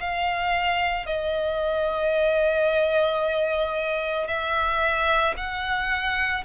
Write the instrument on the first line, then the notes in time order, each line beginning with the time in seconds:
violin
0.00 F5
1.06 D#5
4.28 E5
5.37 F#5